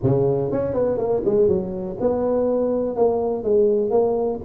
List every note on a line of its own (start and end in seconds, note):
0.02 0.51 C#3
0.51 0.73 C#4
0.73 0.97 B3
0.97 1.22 A#3
1.25 1.48 G#3
1.48 1.97 F#3
2.00 2.96 B3
2.96 3.43 A#3
3.43 3.90 G#3
3.90 4.39 A#3